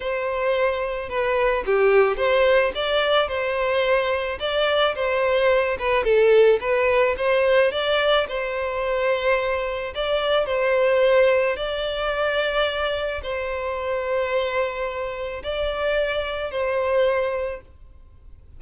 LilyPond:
\new Staff \with { instrumentName = "violin" } { \time 4/4 \tempo 4 = 109 c''2 b'4 g'4 | c''4 d''4 c''2 | d''4 c''4. b'8 a'4 | b'4 c''4 d''4 c''4~ |
c''2 d''4 c''4~ | c''4 d''2. | c''1 | d''2 c''2 | }